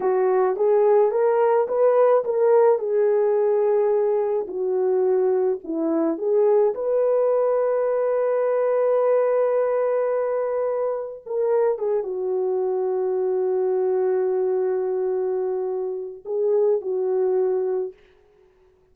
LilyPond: \new Staff \with { instrumentName = "horn" } { \time 4/4 \tempo 4 = 107 fis'4 gis'4 ais'4 b'4 | ais'4 gis'2. | fis'2 e'4 gis'4 | b'1~ |
b'1 | ais'4 gis'8 fis'2~ fis'8~ | fis'1~ | fis'4 gis'4 fis'2 | }